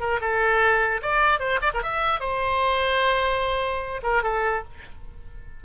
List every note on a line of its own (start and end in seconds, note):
0.00 0.20 A#4
0.21 1.01 A4
1.02 1.39 D5
1.39 1.60 C5
1.62 1.72 D5
1.74 1.82 A#4
1.82 2.20 E5
2.20 4.01 C5
4.03 4.23 A#4
4.23 4.63 A4